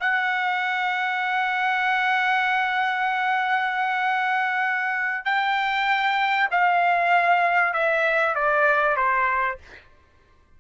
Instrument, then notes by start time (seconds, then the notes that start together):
trumpet
0.00 F#5
5.25 G5
6.51 F5
7.73 E5
8.35 D5
8.96 C5